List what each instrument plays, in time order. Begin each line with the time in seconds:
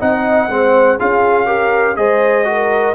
0.00 tuba C4, trombone D#4, horn D#5, trumpet F#5
0.49 tuba G#3, trombone C4, horn C5
0.99 tuba C#4, trombone F4, horn G#4, trumpet F5
1.46 trombone G4, horn A#4
1.97 tuba G#3, trombone G#4, horn C5, trumpet D#5
2.45 trombone F#4, horn A#4